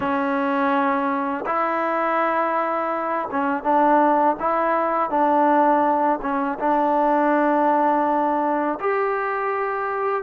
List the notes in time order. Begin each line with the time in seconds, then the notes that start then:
0.00 C#4
1.45 E4
3.31 C#4
3.63 D4
4.39 E4
5.10 D4
6.22 C#4
6.59 D4
8.80 G4